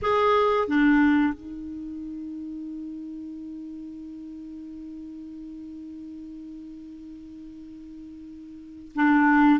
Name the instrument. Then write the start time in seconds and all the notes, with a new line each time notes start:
clarinet
0.02 G#4
0.67 D4
1.33 D#4
8.95 D4